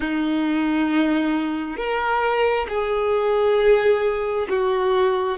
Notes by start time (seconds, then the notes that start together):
0.00 D#4
1.77 A#4
2.68 G#4
4.49 F#4